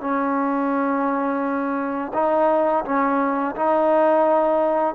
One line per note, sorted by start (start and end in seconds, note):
0.00 2.12 C#4
2.14 2.84 D#4
2.85 3.55 C#4
3.56 4.94 D#4